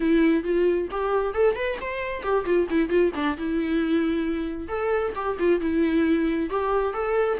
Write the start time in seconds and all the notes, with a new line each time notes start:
0.00 E4
0.43 F4
0.90 G4
1.34 A4
1.55 B4
1.81 C5
2.22 G4
2.45 F4
2.69 E4
2.89 F4
3.14 D4
3.37 E4
4.68 A4
5.15 G4
5.39 F4
5.60 E4
6.49 G4
6.93 A4